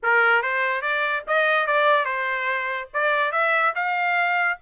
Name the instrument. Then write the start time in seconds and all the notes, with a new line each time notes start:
trumpet
0.02 A#4
0.42 C5
0.81 D5
1.27 D#5
1.66 D5
2.05 C5
2.93 D5
3.31 E5
3.75 F5